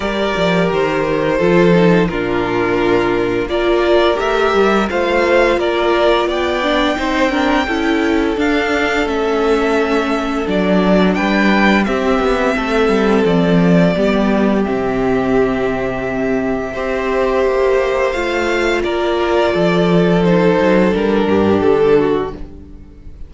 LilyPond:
<<
  \new Staff \with { instrumentName = "violin" } { \time 4/4 \tempo 4 = 86 d''4 c''2 ais'4~ | ais'4 d''4 e''4 f''4 | d''4 g''2. | f''4 e''2 d''4 |
g''4 e''2 d''4~ | d''4 e''2.~ | e''2 f''4 d''4~ | d''4 c''4 ais'4 a'4 | }
  \new Staff \with { instrumentName = "violin" } { \time 4/4 ais'2 a'4 f'4~ | f'4 ais'2 c''4 | ais'4 d''4 c''8 ais'8 a'4~ | a'1 |
b'4 g'4 a'2 | g'1 | c''2. ais'4 | a'2~ a'8 g'4 fis'8 | }
  \new Staff \with { instrumentName = "viola" } { \time 4/4 g'2 f'8 dis'8 d'4~ | d'4 f'4 g'4 f'4~ | f'4. d'8 dis'8 d'8 e'4 | d'4 cis'2 d'4~ |
d'4 c'2. | b4 c'2. | g'2 f'2~ | f'4 dis'4 d'2 | }
  \new Staff \with { instrumentName = "cello" } { \time 4/4 g8 f8 dis4 f4 ais,4~ | ais,4 ais4 a8 g8 a4 | ais4 b4 c'4 cis'4 | d'4 a2 fis4 |
g4 c'8 b8 a8 g8 f4 | g4 c2. | c'4 ais4 a4 ais4 | f4. fis8 g8 g,8 d4 | }
>>